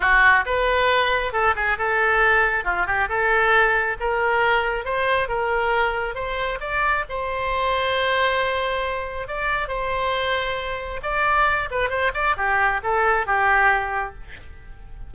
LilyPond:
\new Staff \with { instrumentName = "oboe" } { \time 4/4 \tempo 4 = 136 fis'4 b'2 a'8 gis'8 | a'2 f'8 g'8 a'4~ | a'4 ais'2 c''4 | ais'2 c''4 d''4 |
c''1~ | c''4 d''4 c''2~ | c''4 d''4. b'8 c''8 d''8 | g'4 a'4 g'2 | }